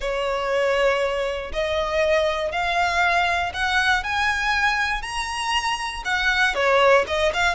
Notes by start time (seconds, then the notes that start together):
0.00 C#5
1.52 D#5
2.51 F5
3.53 F#5
4.03 G#5
5.02 A#5
6.05 F#5
6.54 C#5
7.07 D#5
7.33 F5